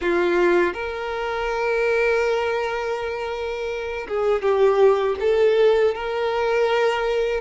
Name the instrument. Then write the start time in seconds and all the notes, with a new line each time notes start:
violin
0.01 F4
0.73 A#4
4.08 G#4
4.41 G4
5.20 A4
5.94 A#4